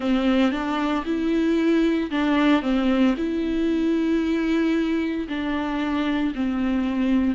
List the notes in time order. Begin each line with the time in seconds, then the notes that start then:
0.00 C4
0.51 D4
1.05 E4
2.11 D4
2.62 C4
3.17 E4
5.28 D4
6.34 C4